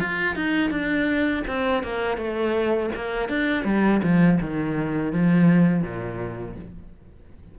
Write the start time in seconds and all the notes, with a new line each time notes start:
0.00 F4
0.36 D#4
0.71 D4
1.48 C4
1.84 A#3
2.18 A3
2.95 A#3
3.29 D4
3.65 G3
4.03 F3
4.41 D#3
5.13 F3
5.83 A#2